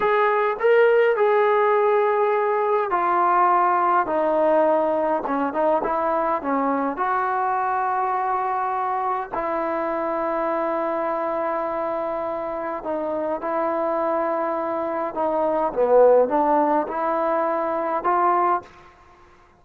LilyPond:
\new Staff \with { instrumentName = "trombone" } { \time 4/4 \tempo 4 = 103 gis'4 ais'4 gis'2~ | gis'4 f'2 dis'4~ | dis'4 cis'8 dis'8 e'4 cis'4 | fis'1 |
e'1~ | e'2 dis'4 e'4~ | e'2 dis'4 b4 | d'4 e'2 f'4 | }